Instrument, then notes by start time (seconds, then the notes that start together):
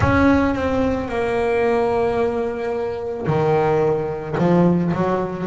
double bass
0.00 C#4
0.55 C4
1.08 A#3
3.27 D#3
4.37 F3
4.93 F#3